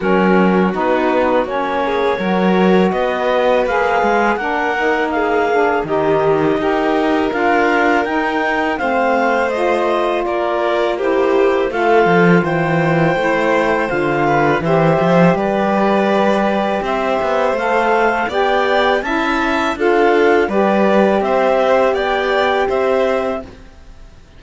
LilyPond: <<
  \new Staff \with { instrumentName = "clarinet" } { \time 4/4 \tempo 4 = 82 ais'4 b'4 cis''2 | dis''4 f''4 fis''4 f''4 | dis''2 f''4 g''4 | f''4 dis''4 d''4 c''4 |
f''4 g''2 f''4 | e''4 d''2 e''4 | f''4 g''4 a''4 f''4 | d''4 e''4 g''4 e''4 | }
  \new Staff \with { instrumentName = "violin" } { \time 4/4 fis'2~ fis'8 gis'8 ais'4 | b'2 ais'4 gis'4 | g'4 ais'2. | c''2 ais'4 g'4 |
a'4 c''2~ c''8 b'8 | c''4 b'2 c''4~ | c''4 d''4 e''4 a'4 | b'4 c''4 d''4 c''4 | }
  \new Staff \with { instrumentName = "saxophone" } { \time 4/4 cis'4 dis'4 cis'4 fis'4~ | fis'4 gis'4 d'8 dis'4 d'8 | dis'4 g'4 f'4 dis'4 | c'4 f'2 e'4 |
f'2 e'4 f'4 | g'1 | a'4 g'4 e'4 f'4 | g'1 | }
  \new Staff \with { instrumentName = "cello" } { \time 4/4 fis4 b4 ais4 fis4 | b4 ais8 gis8 ais2 | dis4 dis'4 d'4 dis'4 | a2 ais2 |
a8 f8 e4 a4 d4 | e8 f8 g2 c'8 b8 | a4 b4 cis'4 d'4 | g4 c'4 b4 c'4 | }
>>